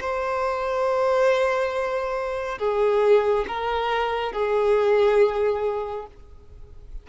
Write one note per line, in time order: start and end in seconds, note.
0.00 2.58 C5
2.58 3.45 G#4
3.47 4.32 A#4
4.32 6.06 G#4